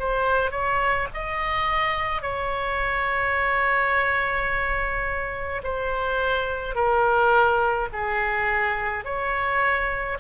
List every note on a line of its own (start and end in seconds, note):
0.00 0.51 C5
0.51 1.08 C#5
1.14 2.22 D#5
2.22 5.62 C#5
5.64 6.76 C5
6.76 7.89 A#4
7.93 9.05 G#4
9.05 10.18 C#5